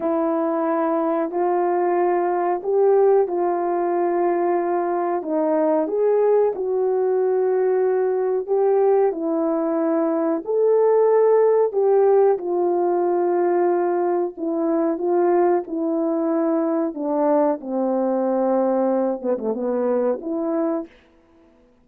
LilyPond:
\new Staff \with { instrumentName = "horn" } { \time 4/4 \tempo 4 = 92 e'2 f'2 | g'4 f'2. | dis'4 gis'4 fis'2~ | fis'4 g'4 e'2 |
a'2 g'4 f'4~ | f'2 e'4 f'4 | e'2 d'4 c'4~ | c'4. b16 a16 b4 e'4 | }